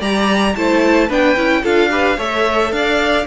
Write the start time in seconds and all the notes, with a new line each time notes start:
0.00 G3 G4 D5 A#5
0.56 A3 E4 C5 A5
1.08 B3 D4 B4 G5
1.37 C#4 E4
1.63 D4 F4 A4 F5
1.90 G4 B4
2.17 A3 A4 C#5 E5
2.72 D4 D5 F5